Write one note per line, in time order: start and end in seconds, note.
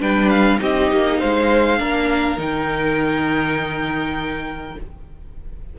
0.00 0.60 G3
0.00 0.59 D4
0.00 0.60 B4
0.00 0.30 G5
0.30 0.59 F5
0.59 0.91 C4
0.59 1.78 D#4
0.59 1.19 G4
0.59 1.20 D#5
0.92 1.21 A#3
1.19 1.80 G#3
1.19 1.79 C5
1.19 2.39 F5
1.78 2.38 A#3
1.78 2.37 D4
1.78 4.76 A#4
2.38 4.75 D#3
2.38 4.75 D#4
2.38 4.79 G5